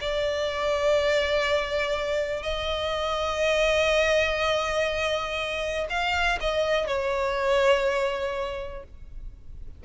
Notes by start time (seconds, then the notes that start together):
0.00 D5
2.43 D#5
5.89 F5
6.40 D#5
6.87 C#5